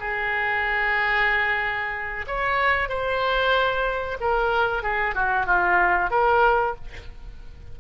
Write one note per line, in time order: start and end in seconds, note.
0.00 2.26 G#4
2.28 2.89 C#5
2.89 4.18 C5
4.21 4.83 A#4
4.83 5.15 G#4
5.15 5.46 F#4
5.46 6.11 F4
6.11 6.75 A#4